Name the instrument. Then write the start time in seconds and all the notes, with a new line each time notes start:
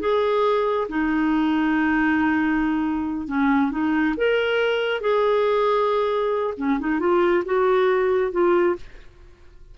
clarinet
0.00 G#4
0.89 D#4
3.27 C#4
3.71 D#4
4.17 A#4
5.01 G#4
6.57 C#4
6.79 D#4
7.00 F4
7.45 F#4
8.32 F4